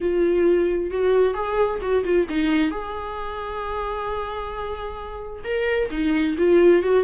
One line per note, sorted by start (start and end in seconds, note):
0.01 0.90 F4
0.90 1.33 F#4
1.33 1.79 G#4
1.81 2.04 F#4
2.04 2.27 F4
2.29 2.70 D#4
2.70 5.43 G#4
5.44 5.89 A#4
5.90 6.36 D#4
6.38 6.83 F4
6.83 7.04 F#4